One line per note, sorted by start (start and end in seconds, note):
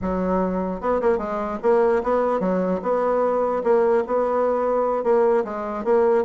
0.01 0.80 F#3
0.80 1.00 B3
1.01 1.18 A#3
1.18 1.58 G#3
1.62 2.02 A#3
2.03 2.40 B3
2.40 2.80 F#3
2.82 3.63 B3
3.63 4.03 A#3
4.06 5.03 B3
5.03 5.43 A#3
5.44 5.84 G#3
5.84 6.24 A#3